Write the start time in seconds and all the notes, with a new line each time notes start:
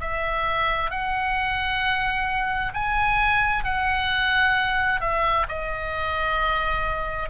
0.00 E5
0.90 F#5
2.74 G#5
3.64 F#5
5.00 E5
5.49 D#5